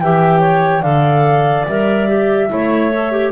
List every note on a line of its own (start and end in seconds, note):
0.00 0.82 E3
0.00 0.82 G4
0.00 0.40 E5
0.00 0.82 G5
0.40 0.82 C#5
0.82 1.65 D3
0.82 1.66 A4
0.82 2.48 D5
0.82 1.65 F5
1.68 2.51 G3
1.68 2.08 A#4
1.68 3.32 E5
2.08 2.49 G4
2.49 3.32 A3
2.49 2.91 E4
2.49 3.32 C#5
2.93 3.11 A4
3.11 3.32 G4